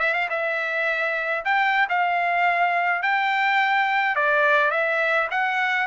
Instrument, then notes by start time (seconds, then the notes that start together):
trumpet
0.00 E5
0.15 F5
0.30 E5
1.45 G5
1.89 F5
3.03 G5
4.16 D5
4.71 E5
5.31 F#5